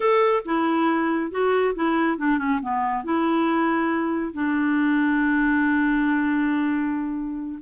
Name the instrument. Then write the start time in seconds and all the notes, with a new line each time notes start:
clarinet
0.00 A4
0.45 E4
1.31 F#4
1.75 E4
2.17 D4
2.38 C#4
2.62 B3
3.03 E4
4.33 D4